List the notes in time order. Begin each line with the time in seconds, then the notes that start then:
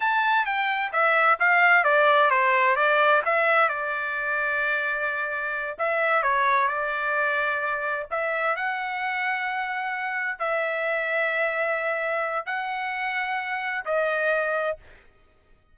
0.00 A5
0.45 G5
0.92 E5
1.39 F5
1.84 D5
2.30 C5
2.76 D5
3.25 E5
3.68 D5
5.78 E5
6.22 C#5
6.68 D5
8.10 E5
8.56 F#5
10.38 E5
12.46 F#5
13.85 D#5